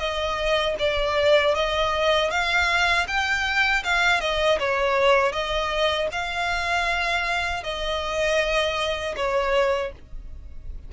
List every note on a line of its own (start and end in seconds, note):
0.00 0.76 D#5
0.79 1.55 D5
1.55 2.31 D#5
2.31 3.07 F5
3.08 3.84 G5
3.84 4.21 F5
4.21 4.59 D#5
4.59 5.32 C#5
5.32 6.08 D#5
6.12 7.64 F5
7.64 9.16 D#5
9.17 9.93 C#5